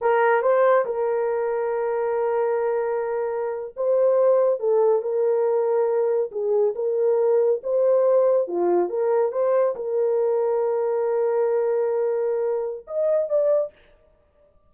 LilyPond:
\new Staff \with { instrumentName = "horn" } { \time 4/4 \tempo 4 = 140 ais'4 c''4 ais'2~ | ais'1~ | ais'8. c''2 a'4 ais'16~ | ais'2~ ais'8. gis'4 ais'16~ |
ais'4.~ ais'16 c''2 f'16~ | f'8. ais'4 c''4 ais'4~ ais'16~ | ais'1~ | ais'2 dis''4 d''4 | }